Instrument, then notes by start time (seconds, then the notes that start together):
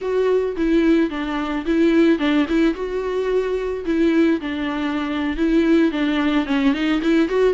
viola
0.01 F#4
0.56 E4
1.10 D4
1.65 E4
2.18 D4
2.48 E4
2.74 F#4
3.85 E4
4.40 D4
5.37 E4
5.91 D4
6.46 C#4
6.73 D#4
7.01 E4
7.28 F#4